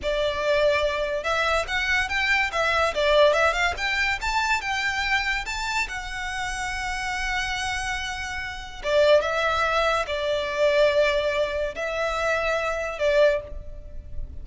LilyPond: \new Staff \with { instrumentName = "violin" } { \time 4/4 \tempo 4 = 143 d''2. e''4 | fis''4 g''4 e''4 d''4 | e''8 f''8 g''4 a''4 g''4~ | g''4 a''4 fis''2~ |
fis''1~ | fis''4 d''4 e''2 | d''1 | e''2. d''4 | }